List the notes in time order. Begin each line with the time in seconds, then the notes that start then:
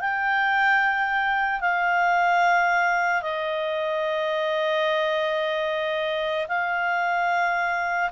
0.00 G5
1.60 F5
3.22 D#5
6.48 F5